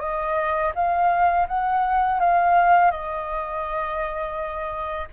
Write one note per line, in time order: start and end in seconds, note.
0.00 0.72 D#5
0.75 1.47 F5
1.48 2.19 F#5
2.19 2.91 F5
2.91 5.08 D#5